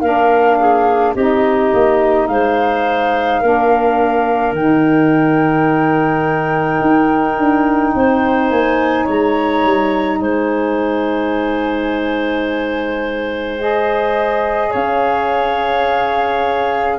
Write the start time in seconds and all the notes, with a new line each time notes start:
0.00 A#3 D4 A#4 F5
0.59 G#4
1.14 C4 D#4 G4 D#5
1.73 A#3
2.27 G#3 C5 F5
3.40 A#3 D4 A#4
4.52 D#3 D#4 G5
6.81 D#4
7.37 D4
7.94 C4 C5
8.50 A#3 G#5
9.04 G#3 C#5 A#5
9.64 G3
10.20 G#3 C5 G#5
13.59 G#4 D#5
14.69 C#4 C#5 F5